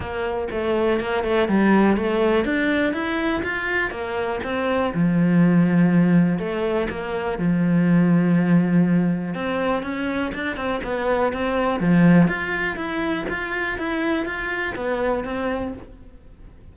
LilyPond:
\new Staff \with { instrumentName = "cello" } { \time 4/4 \tempo 4 = 122 ais4 a4 ais8 a8 g4 | a4 d'4 e'4 f'4 | ais4 c'4 f2~ | f4 a4 ais4 f4~ |
f2. c'4 | cis'4 d'8 c'8 b4 c'4 | f4 f'4 e'4 f'4 | e'4 f'4 b4 c'4 | }